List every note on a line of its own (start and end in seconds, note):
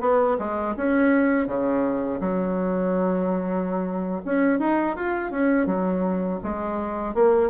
0.00 0.37 B3
0.38 0.75 G#3
0.76 1.46 C#4
1.46 2.20 C#3
2.20 4.21 F#3
4.25 4.59 C#4
4.59 4.95 D#4
4.96 5.31 F4
5.31 5.66 C#4
5.66 6.39 F#3
6.43 7.14 G#3
7.14 7.49 A#3